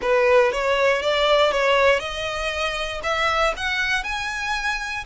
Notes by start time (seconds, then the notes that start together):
0.01 B4
0.52 C#5
1.02 D5
1.51 C#5
1.99 D#5
3.03 E5
3.57 F#5
4.03 G#5